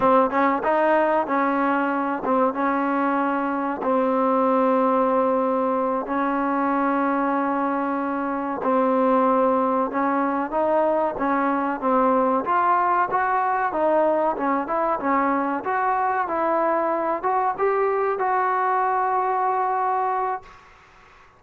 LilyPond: \new Staff \with { instrumentName = "trombone" } { \time 4/4 \tempo 4 = 94 c'8 cis'8 dis'4 cis'4. c'8 | cis'2 c'2~ | c'4. cis'2~ cis'8~ | cis'4. c'2 cis'8~ |
cis'8 dis'4 cis'4 c'4 f'8~ | f'8 fis'4 dis'4 cis'8 e'8 cis'8~ | cis'8 fis'4 e'4. fis'8 g'8~ | g'8 fis'2.~ fis'8 | }